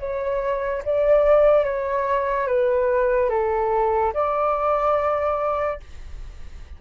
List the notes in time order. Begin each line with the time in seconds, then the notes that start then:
0.00 C#5
0.85 D5
1.65 C#5
2.48 B4
3.30 A4
4.14 D5